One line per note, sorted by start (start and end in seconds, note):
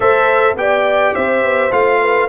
0.00 0.55 A3
0.00 0.57 A4
0.00 0.57 C5
0.00 0.57 E5
0.55 1.12 B3
0.55 1.71 G4
0.55 1.14 D5
0.55 1.14 G5
1.14 1.43 C4
1.14 2.00 C5
1.14 1.71 E5
1.43 1.71 B3
1.71 2.28 A3
1.71 2.28 F4
1.71 2.28 F5
2.00 2.28 B4